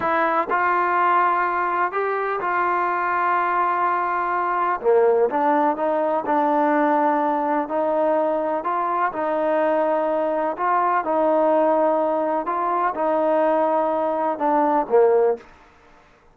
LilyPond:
\new Staff \with { instrumentName = "trombone" } { \time 4/4 \tempo 4 = 125 e'4 f'2. | g'4 f'2.~ | f'2 ais4 d'4 | dis'4 d'2. |
dis'2 f'4 dis'4~ | dis'2 f'4 dis'4~ | dis'2 f'4 dis'4~ | dis'2 d'4 ais4 | }